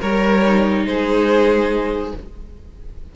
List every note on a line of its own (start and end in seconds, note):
0.00 0.85 G3
0.00 0.85 A#4
0.00 0.45 A#4
0.00 0.86 C#5
0.45 2.14 D#4
0.85 2.12 G#3
0.85 2.15 G#4
0.85 2.12 C5